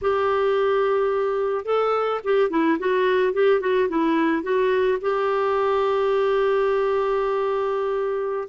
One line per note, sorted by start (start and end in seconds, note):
0.01 1.65 G4
1.65 2.20 A4
2.24 2.50 G4
2.50 2.78 E4
2.79 3.33 F#4
3.33 3.60 G4
3.60 3.88 F#4
3.89 4.43 E4
4.43 4.98 F#4
5.01 8.48 G4